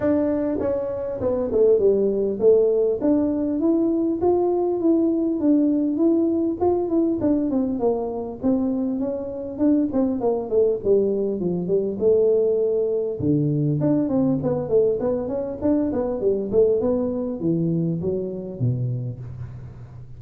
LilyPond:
\new Staff \with { instrumentName = "tuba" } { \time 4/4 \tempo 4 = 100 d'4 cis'4 b8 a8 g4 | a4 d'4 e'4 f'4 | e'4 d'4 e'4 f'8 e'8 | d'8 c'8 ais4 c'4 cis'4 |
d'8 c'8 ais8 a8 g4 f8 g8 | a2 d4 d'8 c'8 | b8 a8 b8 cis'8 d'8 b8 g8 a8 | b4 e4 fis4 b,4 | }